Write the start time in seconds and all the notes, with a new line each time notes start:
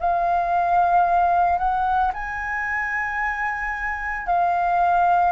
0.00 F5
1.59 F#5
2.14 G#5
4.27 F5